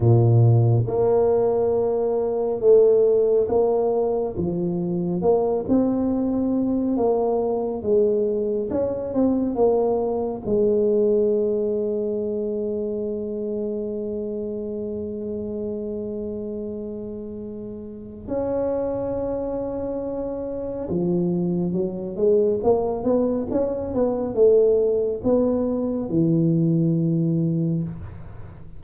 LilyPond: \new Staff \with { instrumentName = "tuba" } { \time 4/4 \tempo 4 = 69 ais,4 ais2 a4 | ais4 f4 ais8 c'4. | ais4 gis4 cis'8 c'8 ais4 | gis1~ |
gis1~ | gis4 cis'2. | f4 fis8 gis8 ais8 b8 cis'8 b8 | a4 b4 e2 | }